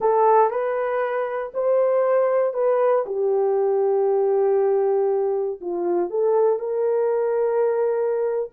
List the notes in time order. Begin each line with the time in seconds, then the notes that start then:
0.00 A4
0.50 B4
1.54 C5
2.53 B4
3.06 G4
5.60 F4
6.10 A4
6.59 A#4